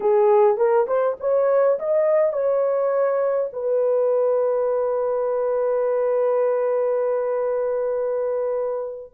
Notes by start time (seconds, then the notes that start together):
0.00 G#4
0.57 A#4
0.87 C5
1.20 C#5
1.79 D#5
2.32 C#5
3.52 B4